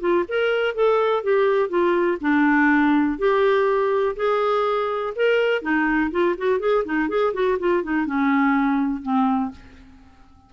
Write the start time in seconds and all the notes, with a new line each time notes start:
0.00 F4
0.29 A#4
0.75 A4
1.23 G4
1.69 F4
2.21 D4
3.18 G4
4.16 G#4
5.16 A#4
5.62 D#4
6.11 F4
6.37 F#4
6.60 G#4
6.85 D#4
7.09 G#4
7.33 F#4
7.59 F4
7.83 D#4
8.06 C#4
9.02 C4